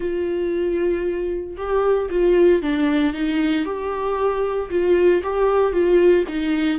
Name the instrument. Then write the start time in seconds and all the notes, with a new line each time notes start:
viola
0.00 F4
1.57 G4
2.10 F4
2.62 D4
3.13 D#4
3.65 G4
4.70 F4
5.23 G4
5.72 F4
6.28 D#4